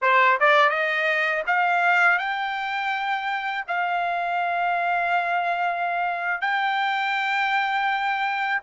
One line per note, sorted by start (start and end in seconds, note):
0.01 0.38 C5
0.40 0.70 D5
0.70 1.43 D#5
1.46 2.18 F5
2.18 3.64 G5
3.68 6.41 F5
6.41 8.60 G5